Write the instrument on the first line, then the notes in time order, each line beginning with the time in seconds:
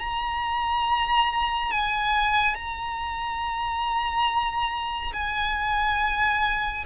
violin
0.00 A#5
1.72 G#5
2.55 A#5
5.14 G#5